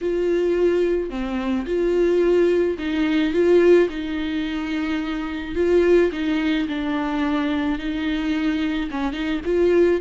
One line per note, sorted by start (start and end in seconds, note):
0.01 1.10 F4
1.10 1.65 C4
1.66 2.77 F4
2.78 3.33 D#4
3.33 3.88 F4
3.89 5.55 D#4
5.55 6.11 F4
6.12 6.67 D#4
6.68 7.78 D4
7.78 8.89 D#4
8.90 9.12 C#4
9.12 9.40 D#4
9.45 10.00 F4